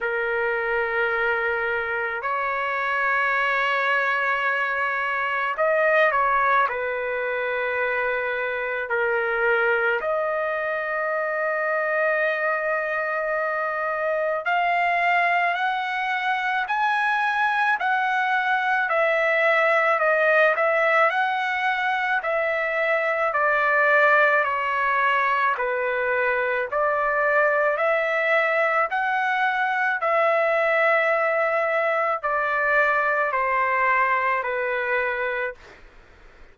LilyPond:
\new Staff \with { instrumentName = "trumpet" } { \time 4/4 \tempo 4 = 54 ais'2 cis''2~ | cis''4 dis''8 cis''8 b'2 | ais'4 dis''2.~ | dis''4 f''4 fis''4 gis''4 |
fis''4 e''4 dis''8 e''8 fis''4 | e''4 d''4 cis''4 b'4 | d''4 e''4 fis''4 e''4~ | e''4 d''4 c''4 b'4 | }